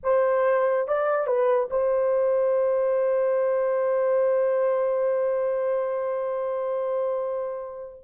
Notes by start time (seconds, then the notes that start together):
0.03 C5
0.87 D5
1.26 B4
1.70 C5